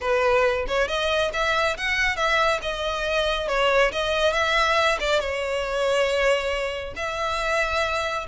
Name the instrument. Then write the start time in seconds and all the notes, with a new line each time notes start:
violin
0.00 B4
0.67 C#5
0.87 D#5
1.33 E5
1.77 F#5
2.16 E5
2.61 D#5
3.48 C#5
3.92 D#5
4.33 E5
5.00 D5
5.20 C#5
6.96 E5